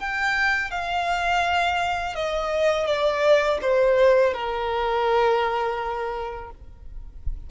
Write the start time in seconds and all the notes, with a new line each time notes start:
0.00 G5
0.71 F5
2.15 D#5
2.87 D5
3.62 C5
4.34 A#4